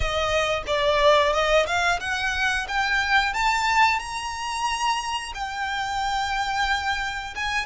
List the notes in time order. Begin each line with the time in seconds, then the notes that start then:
0.00 D#5
0.66 D5
1.32 D#5
1.66 F5
2.00 F#5
2.68 G5
3.33 A5
3.98 A#5
5.34 G5
7.35 G#5